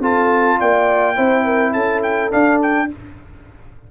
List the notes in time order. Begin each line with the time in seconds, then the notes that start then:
0.00 C4 F4 A4 A5
0.60 A#3 D5 G5
1.16 C4 E4 C5
1.45 A#4
1.73 C#4 A4 A5
2.03 G5
2.31 D4 F5
2.62 G5